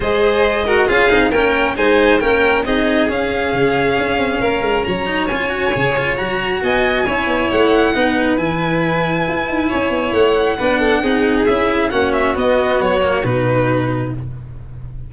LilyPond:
<<
  \new Staff \with { instrumentName = "violin" } { \time 4/4 \tempo 4 = 136 dis''2 f''4 g''4 | gis''4 g''4 dis''4 f''4~ | f''2. ais''4 | gis''2 ais''4 gis''4~ |
gis''4 fis''2 gis''4~ | gis''2. fis''4~ | fis''2 e''4 fis''8 e''8 | dis''4 cis''4 b'2 | }
  \new Staff \with { instrumentName = "violin" } { \time 4/4 c''4. ais'8 gis'4 ais'4 | c''4 ais'4 gis'2~ | gis'2 ais'4 cis''4~ | cis''2. dis''4 |
cis''2 b'2~ | b'2 cis''2 | b'8 a'8 gis'2 fis'4~ | fis'1 | }
  \new Staff \with { instrumentName = "cello" } { \time 4/4 gis'4. fis'8 f'8 dis'8 cis'4 | dis'4 cis'4 dis'4 cis'4~ | cis'2.~ cis'8 dis'8 | f'8 fis'8 gis'8 f'8 fis'2 |
e'2 dis'4 e'4~ | e'1 | d'4 dis'4 e'4 cis'4 | b4. ais8 dis'2 | }
  \new Staff \with { instrumentName = "tuba" } { \time 4/4 gis2 cis'8 c'8 ais4 | gis4 ais4 c'4 cis'4 | cis4 cis'8 c'8 ais8 gis8 fis4 | cis'4 cis4 fis4 b4 |
cis'8 b8 a4 b4 e4~ | e4 e'8 dis'8 cis'8 b8 a4 | b4 c'4 cis'4 ais4 | b4 fis4 b,2 | }
>>